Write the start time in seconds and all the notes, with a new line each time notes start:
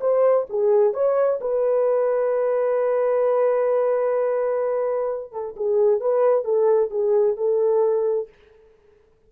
0.00 C5
0.49 G#4
0.93 C#5
1.40 B4
5.32 A4
5.56 G#4
6.00 B4
6.44 A4
6.90 G#4
7.36 A4